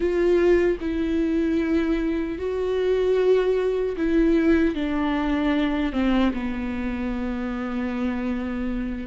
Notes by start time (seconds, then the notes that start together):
0.00 F4
0.80 E4
2.38 F#4
3.97 E4
4.74 D4
5.92 C4
6.33 B3